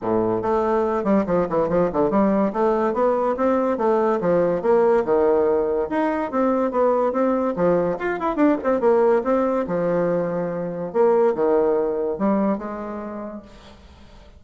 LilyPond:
\new Staff \with { instrumentName = "bassoon" } { \time 4/4 \tempo 4 = 143 a,4 a4. g8 f8 e8 | f8 d8 g4 a4 b4 | c'4 a4 f4 ais4 | dis2 dis'4 c'4 |
b4 c'4 f4 f'8 e'8 | d'8 c'8 ais4 c'4 f4~ | f2 ais4 dis4~ | dis4 g4 gis2 | }